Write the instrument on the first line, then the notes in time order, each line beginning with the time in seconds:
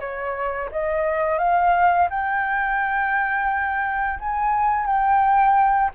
flute
0.00 C#5
0.72 D#5
1.39 F5
2.10 G5
4.20 G#5
4.86 G5